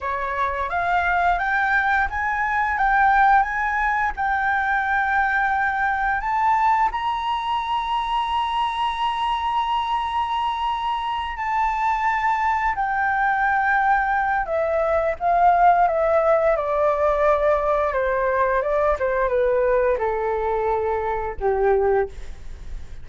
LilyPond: \new Staff \with { instrumentName = "flute" } { \time 4/4 \tempo 4 = 87 cis''4 f''4 g''4 gis''4 | g''4 gis''4 g''2~ | g''4 a''4 ais''2~ | ais''1~ |
ais''8 a''2 g''4.~ | g''4 e''4 f''4 e''4 | d''2 c''4 d''8 c''8 | b'4 a'2 g'4 | }